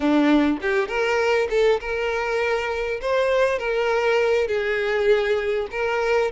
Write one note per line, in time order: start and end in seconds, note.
0.00 0.58 D4
0.61 0.88 G4
0.88 1.48 A#4
1.50 1.80 A4
1.80 3.00 A#4
3.01 3.58 C5
3.58 4.47 A#4
4.47 5.67 G#4
5.71 6.31 A#4